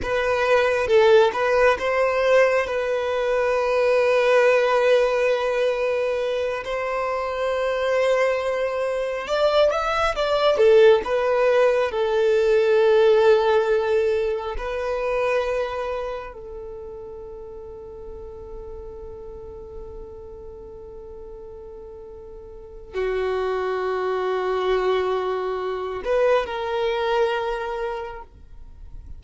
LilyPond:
\new Staff \with { instrumentName = "violin" } { \time 4/4 \tempo 4 = 68 b'4 a'8 b'8 c''4 b'4~ | b'2.~ b'8 c''8~ | c''2~ c''8 d''8 e''8 d''8 | a'8 b'4 a'2~ a'8~ |
a'8 b'2 a'4.~ | a'1~ | a'2 fis'2~ | fis'4. b'8 ais'2 | }